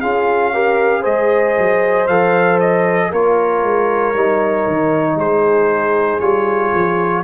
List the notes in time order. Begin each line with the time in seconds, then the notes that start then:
0.00 C#4 F4 G#4 F5
0.53 G4 A#4
1.01 G#3 G#4 C5 D#5
1.57 F#3
2.07 F3 A4 F5
2.60 D#5
3.11 A#3 F4 A#4 C#5
3.62 G#3
4.14 G3 D#4
4.67 D#3
5.15 G#3 G#4 C5
6.19 G3 F4 C#5
6.74 F3